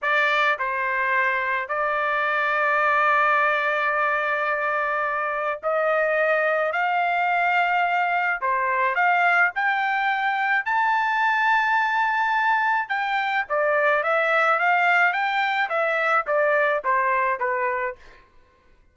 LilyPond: \new Staff \with { instrumentName = "trumpet" } { \time 4/4 \tempo 4 = 107 d''4 c''2 d''4~ | d''1~ | d''2 dis''2 | f''2. c''4 |
f''4 g''2 a''4~ | a''2. g''4 | d''4 e''4 f''4 g''4 | e''4 d''4 c''4 b'4 | }